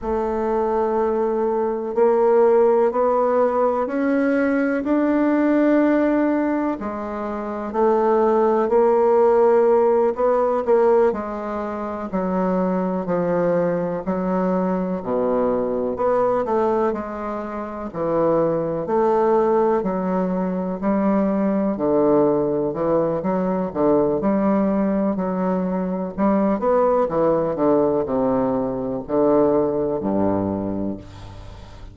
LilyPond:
\new Staff \with { instrumentName = "bassoon" } { \time 4/4 \tempo 4 = 62 a2 ais4 b4 | cis'4 d'2 gis4 | a4 ais4. b8 ais8 gis8~ | gis8 fis4 f4 fis4 b,8~ |
b,8 b8 a8 gis4 e4 a8~ | a8 fis4 g4 d4 e8 | fis8 d8 g4 fis4 g8 b8 | e8 d8 c4 d4 g,4 | }